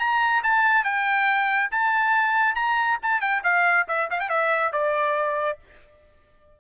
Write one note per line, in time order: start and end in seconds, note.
0.00 0.43 A#5
0.44 0.85 A5
0.85 1.71 G5
1.72 2.56 A5
2.56 2.99 A#5
3.03 3.21 A5
3.21 3.43 G5
3.44 3.88 F5
3.89 4.10 E5
4.11 4.20 F5
4.20 4.29 G5
4.29 4.73 E5
4.73 5.59 D5